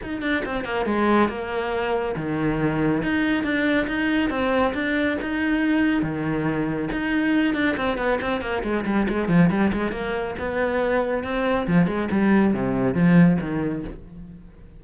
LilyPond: \new Staff \with { instrumentName = "cello" } { \time 4/4 \tempo 4 = 139 dis'8 d'8 c'8 ais8 gis4 ais4~ | ais4 dis2 dis'4 | d'4 dis'4 c'4 d'4 | dis'2 dis2 |
dis'4. d'8 c'8 b8 c'8 ais8 | gis8 g8 gis8 f8 g8 gis8 ais4 | b2 c'4 f8 gis8 | g4 c4 f4 dis4 | }